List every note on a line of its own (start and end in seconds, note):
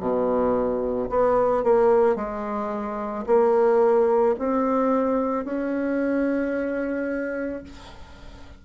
0.00 1.09 B2
1.10 1.63 B3
1.63 2.15 A#3
2.15 3.24 G#3
3.26 4.35 A#3
4.38 5.45 C4
5.45 7.63 C#4